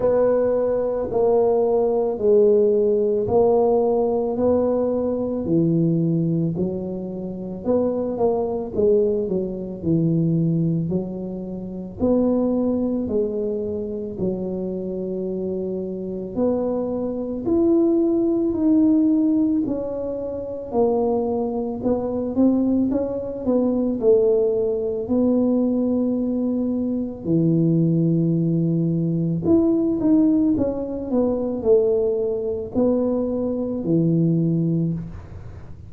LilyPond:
\new Staff \with { instrumentName = "tuba" } { \time 4/4 \tempo 4 = 55 b4 ais4 gis4 ais4 | b4 e4 fis4 b8 ais8 | gis8 fis8 e4 fis4 b4 | gis4 fis2 b4 |
e'4 dis'4 cis'4 ais4 | b8 c'8 cis'8 b8 a4 b4~ | b4 e2 e'8 dis'8 | cis'8 b8 a4 b4 e4 | }